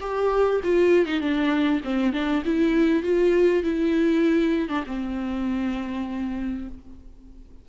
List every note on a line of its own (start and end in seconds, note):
0.00 0.61 G4
0.63 1.06 F4
1.06 1.20 D#4
1.20 1.81 D4
1.84 2.13 C4
2.13 2.43 D4
2.45 3.02 E4
3.02 3.63 F4
3.63 4.68 E4
4.68 4.83 D4
4.86 6.68 C4